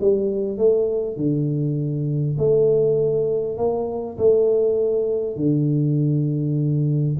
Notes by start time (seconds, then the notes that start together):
0.00 G3
0.57 A3
1.16 D3
2.38 A3
3.57 A#3
4.17 A3
5.36 D3